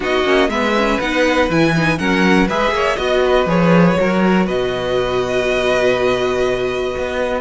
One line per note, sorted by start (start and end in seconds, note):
0.00 0.24 B3
0.00 0.24 D#4
0.00 0.49 F#4
0.00 0.49 D#5
0.24 0.48 A#3
0.24 0.49 C#4
0.48 0.97 G#3
0.48 0.75 B3
0.48 1.98 B4
0.48 0.99 E5
0.76 1.00 C#4
0.99 1.49 B3
0.99 1.50 D#4
0.99 1.49 F#5
1.49 1.98 E3
1.49 1.74 E4
1.49 1.98 G#5
1.75 1.97 D#4
1.97 2.49 F#3
1.97 2.47 C#4
1.97 2.48 A#4
1.97 2.47 F#5
2.48 2.71 G#3
2.48 2.97 G#4
2.48 2.73 B4
2.48 2.98 E5
2.71 2.96 A#3
2.71 2.96 C#5
2.96 3.45 B3
2.96 3.46 F#4
2.96 3.20 D#5
2.96 3.48 D#5
3.24 3.98 B4
3.45 3.95 F3
3.45 3.95 G#4
3.45 4.47 C#5
3.95 4.47 F#3
3.95 7.41 F#4
3.95 4.46 A#4
4.46 6.95 B2
4.46 7.41 B4
4.46 7.41 D#5
6.97 7.41 B3